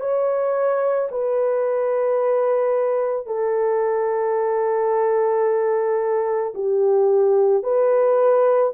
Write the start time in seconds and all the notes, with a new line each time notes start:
0.00 C#5
1.11 B4
3.26 A4
6.55 G4
7.63 B4